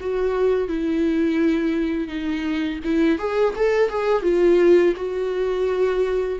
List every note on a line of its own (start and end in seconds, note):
0.00 0.68 F#4
0.68 2.07 E4
2.07 2.79 D#4
2.84 3.18 E4
3.18 3.54 G#4
3.55 3.89 A4
3.89 4.22 G#4
4.22 4.94 F4
4.96 6.39 F#4